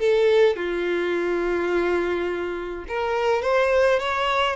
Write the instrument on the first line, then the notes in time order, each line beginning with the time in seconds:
violin
0.00 A4
0.57 F4
2.89 A#4
3.43 C5
4.00 C#5